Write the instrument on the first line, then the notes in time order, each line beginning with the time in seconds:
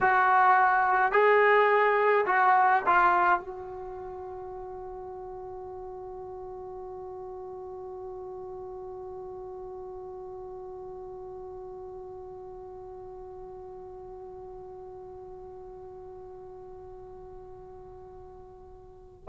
trombone
0.01 F#4
1.12 G#4
2.26 F#4
2.86 F4
3.39 F#4